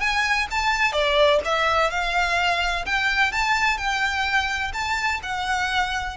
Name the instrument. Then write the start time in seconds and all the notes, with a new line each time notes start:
violin
0.00 G#5
0.51 A5
0.92 D5
1.45 E5
1.91 F5
2.86 G5
3.32 A5
3.78 G5
4.73 A5
5.23 F#5